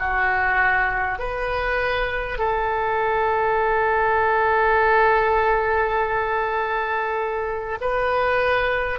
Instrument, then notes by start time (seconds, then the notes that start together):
oboe
0.00 F#4
1.19 B4
2.39 A4
7.81 B4